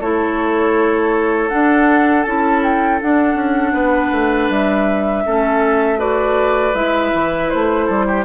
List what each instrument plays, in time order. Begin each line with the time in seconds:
0.00 bassoon A3, clarinet E4, oboe A4, flute C#5
1.48 clarinet D4, bassoon D4, flute F#5
2.23 bassoon C#4, clarinet E4, flute A5
2.63 flute G5
3.01 clarinet D4, bassoon D4, flute F#5
3.35 bassoon C#4
3.73 bassoon B3, oboe B4
4.11 bassoon A3
4.49 bassoon G3, flute E5
5.25 bassoon A3, clarinet C#4, oboe A4
5.98 clarinet F#4, oboe B4, flute D5
6.74 bassoon G#3, clarinet E4, flute E5
7.13 bassoon E3
7.49 bassoon A3, flute C5
7.86 bassoon G3, oboe A4
8.08 oboe G4